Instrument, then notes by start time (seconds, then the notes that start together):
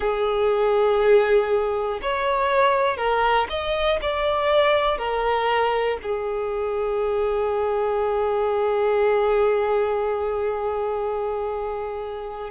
violin
0.00 G#4
2.01 C#5
2.97 A#4
3.50 D#5
4.01 D5
4.97 A#4
6.02 G#4